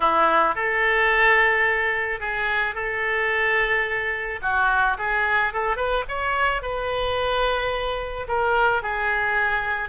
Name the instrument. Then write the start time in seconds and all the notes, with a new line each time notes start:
oboe
0.00 E4
0.55 A4
2.20 G#4
2.74 A4
4.42 F#4
4.98 G#4
5.53 A4
5.76 B4
6.08 C#5
6.62 B4
8.27 A#4
8.82 G#4